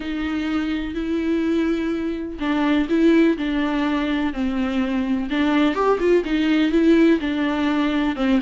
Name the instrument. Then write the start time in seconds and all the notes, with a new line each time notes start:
viola
0.00 D#4
0.94 E4
2.39 D4
2.89 E4
3.37 D4
4.33 C4
5.30 D4
5.74 G4
5.99 F4
6.24 D#4
6.71 E4
7.20 D4
8.16 C4